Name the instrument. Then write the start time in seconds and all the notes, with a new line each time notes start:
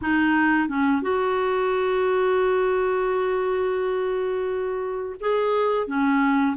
clarinet
0.01 D#4
0.68 C#4
1.02 F#4
5.20 G#4
5.87 C#4